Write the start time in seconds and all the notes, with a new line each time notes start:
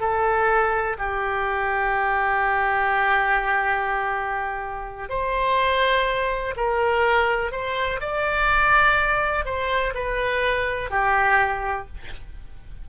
0.00 A4
0.98 G4
5.09 C5
6.57 A#4
7.52 C5
8.01 D5
9.45 C5
9.94 B4
10.90 G4